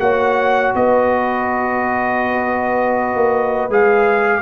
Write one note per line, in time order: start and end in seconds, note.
0.00 0.74 A#3
0.00 3.71 F#4
0.00 0.76 C#5
0.00 0.74 F#5
0.76 3.15 B3
0.76 4.42 B4
0.76 3.72 D#5
3.15 3.69 A#3
3.69 4.42 G#3
3.69 4.42 G#4
3.69 4.42 F5